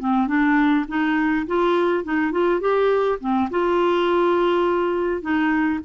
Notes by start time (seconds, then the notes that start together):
0.00 C4
0.28 D4
0.88 D#4
1.47 F4
2.04 D#4
2.32 F4
2.61 G4
3.20 C4
3.51 F4
5.22 D#4